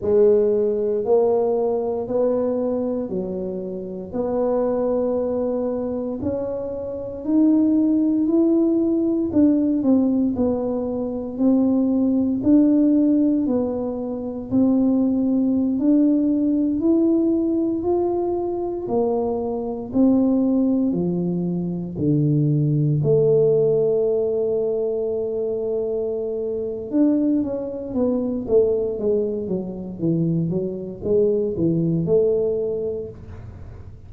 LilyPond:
\new Staff \with { instrumentName = "tuba" } { \time 4/4 \tempo 4 = 58 gis4 ais4 b4 fis4 | b2 cis'4 dis'4 | e'4 d'8 c'8 b4 c'4 | d'4 b4 c'4~ c'16 d'8.~ |
d'16 e'4 f'4 ais4 c'8.~ | c'16 f4 d4 a4.~ a16~ | a2 d'8 cis'8 b8 a8 | gis8 fis8 e8 fis8 gis8 e8 a4 | }